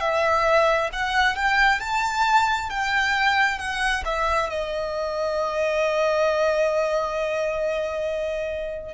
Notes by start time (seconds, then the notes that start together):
0.00 E5
0.92 F#5
1.35 G5
1.80 A5
2.69 G5
3.58 F#5
4.05 E5
4.49 D#5